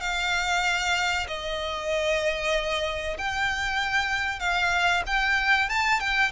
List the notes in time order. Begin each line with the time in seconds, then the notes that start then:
0.00 F5
1.27 D#5
3.18 G5
4.39 F5
5.06 G5
5.69 A5
6.00 G5